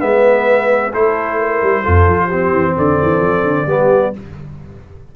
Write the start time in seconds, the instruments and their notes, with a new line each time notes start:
0.00 tuba G#3, trombone B3, horn B4, trumpet E5
0.92 tuba A3, trombone E4, horn A4, trumpet C5
1.40 horn A#4
1.63 tuba G3
1.83 tuba F2, trombone F4, horn A4
2.07 tuba F3
2.26 trombone C4, horn G4
2.52 tuba E3
2.78 tuba D3, horn A4, trumpet D5
3.02 tuba E3
3.21 tuba F3
3.43 tuba D3
3.67 tuba G3, trombone B3, horn G4